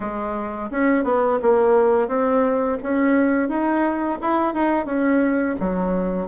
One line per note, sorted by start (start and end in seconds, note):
0.00 0.70 G#3
0.70 1.04 C#4
1.04 1.39 B3
1.41 2.07 A#3
2.07 2.77 C4
2.83 3.48 C#4
3.48 4.18 D#4
4.21 4.53 E4
4.53 4.85 D#4
4.85 5.55 C#4
5.59 6.27 F#3